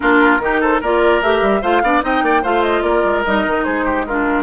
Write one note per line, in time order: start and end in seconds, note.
0.00 0.39 A#3
0.00 0.40 D4
0.00 0.41 F4
0.00 0.61 A#4
0.39 0.80 D#3
0.39 0.82 D#4
0.39 0.60 G4
0.60 0.80 A4
0.60 0.82 C5
0.80 1.21 A#3
0.80 1.22 F4
0.80 1.61 A#4
0.80 1.22 D5
1.21 1.41 A3
1.21 1.62 G4
1.21 1.62 E5
1.41 1.61 G3
1.61 1.82 A3
1.61 1.83 F4
1.61 1.82 C5
1.61 2.02 F5
1.82 2.02 B3
1.82 2.01 D4
1.82 2.04 D5
2.01 2.22 C4
2.01 2.41 D#4
2.01 2.24 D#5
2.01 2.44 G5
2.22 2.42 A#3
2.22 2.42 D5
2.42 2.82 A3
2.42 3.24 F4
2.42 2.82 C5
2.42 2.62 F5
2.62 2.82 D#5
2.82 3.02 A#3
2.82 3.64 A#4
2.82 3.22 D5
3.04 3.24 G#3
3.24 3.45 G3
3.24 4.07 D#4
3.24 3.64 D#5
3.45 3.66 D#3
3.64 4.43 G#3
3.64 3.85 G#4
3.64 4.04 C5
3.85 4.05 G4
4.05 4.43 D4
4.05 4.43 F4
4.05 4.43 A#4